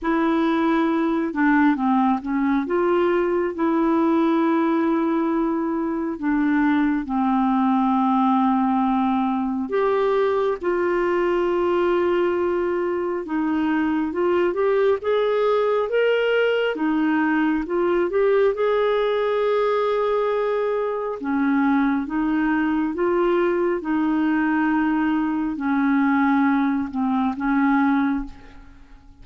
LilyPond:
\new Staff \with { instrumentName = "clarinet" } { \time 4/4 \tempo 4 = 68 e'4. d'8 c'8 cis'8 f'4 | e'2. d'4 | c'2. g'4 | f'2. dis'4 |
f'8 g'8 gis'4 ais'4 dis'4 | f'8 g'8 gis'2. | cis'4 dis'4 f'4 dis'4~ | dis'4 cis'4. c'8 cis'4 | }